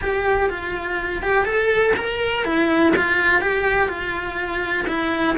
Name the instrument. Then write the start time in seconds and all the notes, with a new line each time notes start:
cello
0.01 G4
0.49 F4
1.22 G4
1.45 A4
1.96 A#4
2.45 E4
2.96 F4
3.41 G4
3.88 F4
4.87 E4